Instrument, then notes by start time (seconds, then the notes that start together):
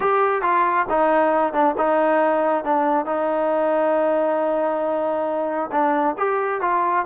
trombone
0.00 G4
0.42 F4
0.89 D#4
1.53 D4
1.77 D#4
2.64 D4
3.05 D#4
5.71 D4
6.18 G4
6.61 F4